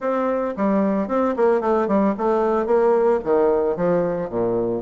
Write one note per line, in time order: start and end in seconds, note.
0.00 0.54 C4
0.56 1.08 G3
1.08 1.34 C4
1.36 1.60 A#3
1.60 1.87 A3
1.87 2.14 G3
2.17 2.66 A3
2.66 3.19 A#3
3.23 3.76 D#3
3.76 4.29 F3
4.29 4.82 A#2